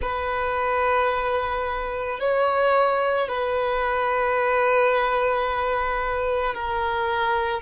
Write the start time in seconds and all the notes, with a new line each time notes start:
0.01 B4
2.19 C#5
3.28 B4
6.54 A#4